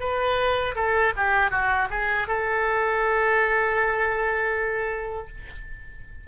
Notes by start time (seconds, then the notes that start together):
0.00 B4
0.75 A4
1.16 G4
1.51 F#4
1.90 G#4
2.27 A4